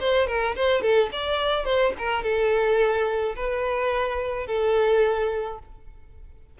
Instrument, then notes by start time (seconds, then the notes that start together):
violin
0.00 C5
0.27 A#4
0.56 C5
0.82 A4
1.12 D5
1.65 C5
1.99 A#4
2.23 A4
3.36 B4
4.47 A4